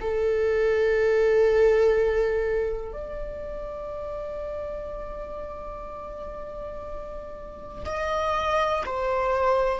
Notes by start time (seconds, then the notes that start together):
0.00 A4
2.92 D5
7.85 D#5
8.85 C5